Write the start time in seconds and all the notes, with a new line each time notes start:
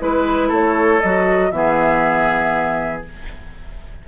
0.00 G#3 E4 B4
0.48 A3 A4 C#5
1.01 F#3 F#4 D#5
1.51 E3 B3 G#4 E5